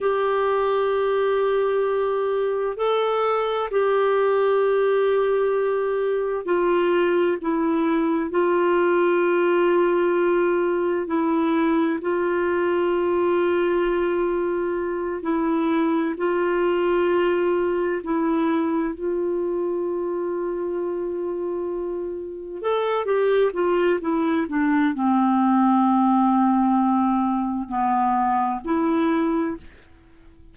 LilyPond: \new Staff \with { instrumentName = "clarinet" } { \time 4/4 \tempo 4 = 65 g'2. a'4 | g'2. f'4 | e'4 f'2. | e'4 f'2.~ |
f'8 e'4 f'2 e'8~ | e'8 f'2.~ f'8~ | f'8 a'8 g'8 f'8 e'8 d'8 c'4~ | c'2 b4 e'4 | }